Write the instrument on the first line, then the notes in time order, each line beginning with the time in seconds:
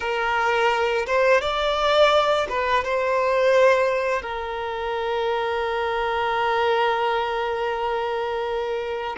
violin
0.00 A#4
1.06 C5
1.41 D5
2.49 B4
2.84 C5
4.22 A#4